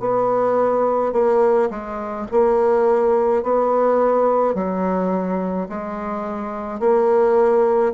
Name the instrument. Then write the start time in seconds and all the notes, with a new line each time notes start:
bassoon
0.00 B3
1.13 A#3
1.70 G#3
2.32 A#3
3.43 B3
4.55 F#3
5.69 G#3
6.80 A#3